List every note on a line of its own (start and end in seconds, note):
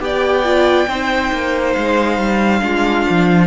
0.00 0.87 B3
0.00 0.44 G4
0.00 0.89 D5
0.00 1.73 G5
0.44 0.88 F4
0.88 1.32 C4
0.88 2.61 D#4
0.88 2.63 C5
1.32 1.76 A#3
1.73 2.18 G#3
1.73 3.47 F5
2.18 2.62 G3
2.61 3.07 G#3
2.61 3.48 D4
2.61 3.48 F4
3.10 3.48 F3